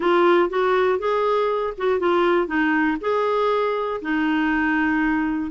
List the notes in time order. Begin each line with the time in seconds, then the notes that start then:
0.00 F4
0.49 F#4
0.98 G#4
1.77 F#4
1.99 F4
2.47 D#4
3.00 G#4
4.01 D#4